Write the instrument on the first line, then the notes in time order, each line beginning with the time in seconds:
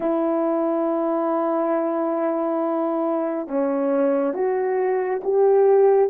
horn
0.00 E4
3.47 C#4
4.34 F#4
5.23 G4